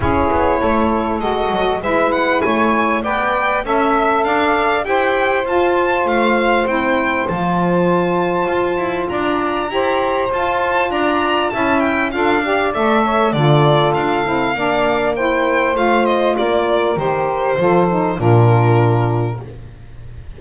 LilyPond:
<<
  \new Staff \with { instrumentName = "violin" } { \time 4/4 \tempo 4 = 99 cis''2 dis''4 e''8 fis''8 | gis''4 g''4 e''4 f''4 | g''4 a''4 f''4 g''4 | a''2. ais''4~ |
ais''4 a''4 ais''4 a''8 g''8 | f''4 e''4 d''4 f''4~ | f''4 g''4 f''8 dis''8 d''4 | c''2 ais'2 | }
  \new Staff \with { instrumentName = "saxophone" } { \time 4/4 gis'4 a'2 b'4 | cis''4 d''4 e''4 d''4 | c''1~ | c''2. d''4 |
c''2 d''4 e''4 | a'8 d''4 cis''8 a'2 | d''4 c''2 ais'4~ | ais'4 a'4 f'2 | }
  \new Staff \with { instrumentName = "saxophone" } { \time 4/4 e'2 fis'4 e'4~ | e'4 b'4 a'2 | g'4 f'2 e'4 | f'1 |
g'4 f'2 e'4 | f'8 g'8 a'4 f'4. e'8 | d'4 e'4 f'2 | g'4 f'8 dis'8 d'2 | }
  \new Staff \with { instrumentName = "double bass" } { \time 4/4 cis'8 b8 a4 gis8 fis8 gis4 | a4 b4 cis'4 d'4 | e'4 f'4 a4 c'4 | f2 f'8 e'8 d'4 |
e'4 f'4 d'4 cis'4 | d'4 a4 d4 d'8 c'8 | ais2 a4 ais4 | dis4 f4 ais,2 | }
>>